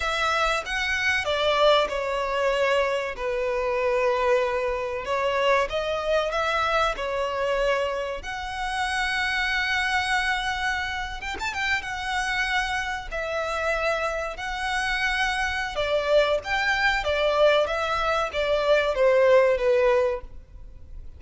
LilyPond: \new Staff \with { instrumentName = "violin" } { \time 4/4 \tempo 4 = 95 e''4 fis''4 d''4 cis''4~ | cis''4 b'2. | cis''4 dis''4 e''4 cis''4~ | cis''4 fis''2.~ |
fis''4.~ fis''16 g''16 a''16 g''8 fis''4~ fis''16~ | fis''8. e''2 fis''4~ fis''16~ | fis''4 d''4 g''4 d''4 | e''4 d''4 c''4 b'4 | }